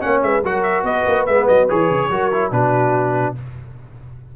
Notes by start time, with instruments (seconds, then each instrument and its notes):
0.00 tuba A#3, trombone C#4, horn C#5, trumpet F#5
0.22 tuba G#3, horn B4, trumpet E5
0.43 tuba F#3, trombone F#4, horn A#4, trumpet F#5
0.63 trumpet E5
0.83 tuba B3, horn B4, trumpet D#5
1.07 tuba A#3
1.26 tuba G#3, trombone B3, trumpet E5
1.48 tuba F#3, trumpet D#5
1.69 tuba E3, trombone G#4, trumpet C#5
1.90 tuba C#3
2.10 tuba F#3, trombone F#4, horn A#4
2.32 trombone E4
2.51 tuba B2, trombone D4, horn F#4, trumpet B4